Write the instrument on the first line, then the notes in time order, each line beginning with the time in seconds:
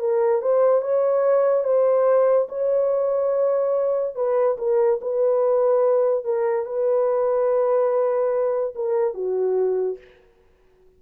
horn
0.00 A#4
0.42 C5
0.82 C#5
1.64 C5
2.49 C#5
4.16 B4
4.58 A#4
5.02 B4
6.25 A#4
6.66 B4
8.75 A#4
9.14 F#4